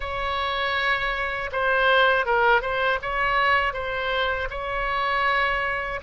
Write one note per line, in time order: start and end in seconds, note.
0.00 1.50 C#5
1.52 2.25 C5
2.25 2.61 A#4
2.61 2.99 C5
3.02 3.73 C#5
3.73 4.48 C5
4.50 6.00 C#5